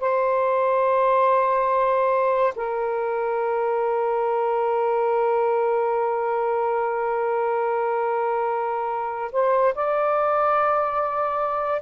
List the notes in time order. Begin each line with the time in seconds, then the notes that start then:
0.00 C5
2.55 A#4
9.32 C5
9.75 D5